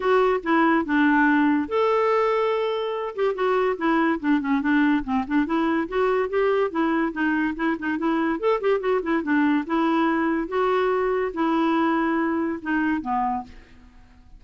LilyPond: \new Staff \with { instrumentName = "clarinet" } { \time 4/4 \tempo 4 = 143 fis'4 e'4 d'2 | a'2.~ a'8 g'8 | fis'4 e'4 d'8 cis'8 d'4 | c'8 d'8 e'4 fis'4 g'4 |
e'4 dis'4 e'8 dis'8 e'4 | a'8 g'8 fis'8 e'8 d'4 e'4~ | e'4 fis'2 e'4~ | e'2 dis'4 b4 | }